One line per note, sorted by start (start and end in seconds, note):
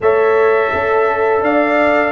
0.00 0.72 A3
0.00 2.11 A4
0.00 0.72 C#5
0.00 1.43 E5
0.72 1.41 C#4
0.72 1.44 A4
1.41 2.11 D4
1.41 2.11 D5
1.41 2.11 F5